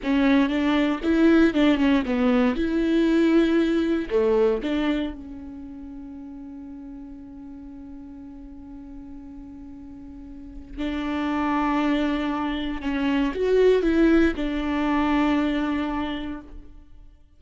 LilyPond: \new Staff \with { instrumentName = "viola" } { \time 4/4 \tempo 4 = 117 cis'4 d'4 e'4 d'8 cis'8 | b4 e'2. | a4 d'4 cis'2~ | cis'1~ |
cis'1~ | cis'4 d'2.~ | d'4 cis'4 fis'4 e'4 | d'1 | }